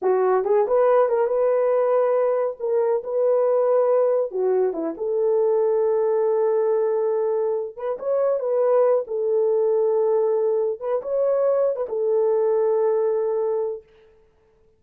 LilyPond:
\new Staff \with { instrumentName = "horn" } { \time 4/4 \tempo 4 = 139 fis'4 gis'8 b'4 ais'8 b'4~ | b'2 ais'4 b'4~ | b'2 fis'4 e'8 a'8~ | a'1~ |
a'2 b'8 cis''4 b'8~ | b'4 a'2.~ | a'4 b'8 cis''4.~ cis''16 b'16 a'8~ | a'1 | }